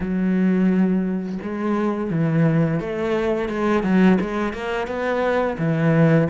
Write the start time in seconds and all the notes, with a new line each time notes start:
0.00 F#3
1.42 G#3
2.10 E3
2.79 A3
3.49 G#3
3.83 F#3
4.20 G#3
4.53 A#3
4.87 B3
5.58 E3